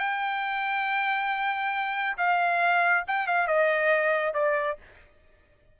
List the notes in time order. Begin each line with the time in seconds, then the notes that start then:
0.00 G5
2.18 F5
3.08 G5
3.28 F5
3.48 D#5
4.35 D5